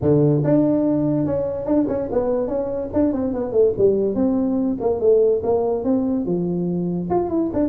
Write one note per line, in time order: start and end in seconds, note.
0.01 0.43 D3
0.44 1.26 D4
1.26 1.66 C#4
1.66 1.86 D4
1.87 2.08 C#4
2.11 2.47 B3
2.47 2.89 C#4
2.93 3.12 D4
3.12 3.33 C4
3.33 3.52 B3
3.52 3.72 A3
3.77 4.15 G3
4.15 4.77 C4
4.80 5.00 A#3
5.00 5.41 A3
5.43 5.84 A#3
5.84 6.25 C4
6.25 7.08 F3
7.09 7.29 F4
7.29 7.50 E4
7.53 7.69 D4